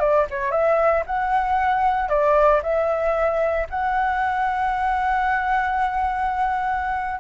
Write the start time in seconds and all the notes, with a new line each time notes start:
0.00 D5
0.31 C#5
0.52 E5
1.07 F#5
2.09 D5
2.63 E5
3.70 F#5